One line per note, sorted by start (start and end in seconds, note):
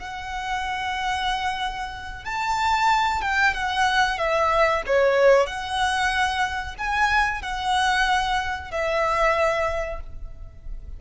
0.00 2.26 F#5
2.26 3.22 A5
3.22 3.55 G5
3.55 4.18 F#5
4.18 4.83 E5
4.87 5.47 C#5
5.47 6.76 F#5
6.78 7.43 G#5
7.43 8.72 F#5
8.72 10.01 E5